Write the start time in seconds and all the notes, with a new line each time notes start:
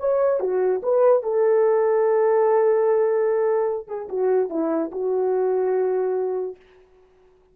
0.00 C#5
0.41 F#4
0.83 B4
1.23 A4
3.88 G#4
4.09 F#4
4.50 E4
4.92 F#4